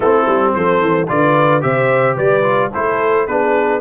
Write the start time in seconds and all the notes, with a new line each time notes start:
0.00 A3 C4 E4 A4
0.27 G3
0.54 F3 A4 C5
0.81 E3
1.08 D3 F4 B4 D5
1.60 C3 G4 C5 E5
2.14 G3 B4 D5
2.42 F4
2.73 A3 E4 A4 C5
3.26 B3 D4 G#4 B4